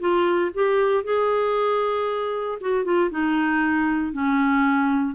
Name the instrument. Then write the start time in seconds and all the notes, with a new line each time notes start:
clarinet
0.00 F4
0.55 G4
1.04 G#4
2.61 F#4
2.85 F4
3.11 D#4
4.13 C#4